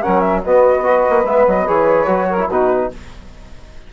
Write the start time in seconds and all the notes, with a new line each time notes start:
0.00 C#4 A#4 F#5
0.06 F#3
0.20 E5
0.42 B3 F#4 D#5
0.83 F#4 B4
1.09 A#3
1.24 G#3 B3 E5
1.47 F#3 D#5
1.66 E3 G#4 C#5
2.06 F#3 F#4
2.29 A#4
2.39 E4
2.47 B2 D#4 F#4 B4